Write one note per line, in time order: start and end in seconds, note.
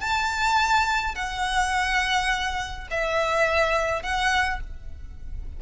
0.00 1.15 A5
1.15 2.88 F#5
2.91 4.03 E5
4.03 4.60 F#5